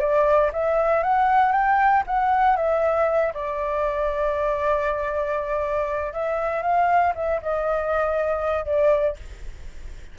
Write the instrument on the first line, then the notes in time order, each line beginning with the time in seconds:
flute
0.00 D5
0.53 E5
1.03 F#5
1.52 G5
2.07 F#5
2.56 E5
3.34 D5
6.13 E5
6.62 F5
7.15 E5
7.42 D#5
8.65 D5